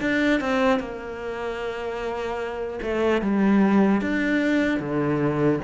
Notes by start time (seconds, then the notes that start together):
0.00 D4
0.40 C4
0.79 A#3
2.82 A3
3.21 G3
4.01 D4
4.79 D3